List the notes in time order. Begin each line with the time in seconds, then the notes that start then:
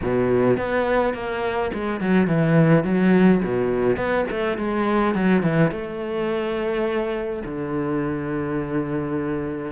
0.01 B2
0.57 B3
1.14 A#3
1.73 G#3
2.00 F#3
2.27 E3
2.84 F#3
3.43 B2
3.96 B3
4.30 A3
4.57 G#3
5.15 F#3
5.42 E3
5.71 A3
7.45 D3